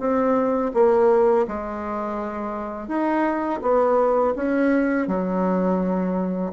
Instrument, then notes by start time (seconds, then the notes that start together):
bassoon
0.00 C4
0.74 A#3
1.48 G#3
2.88 D#4
3.62 B3
4.36 C#4
5.08 F#3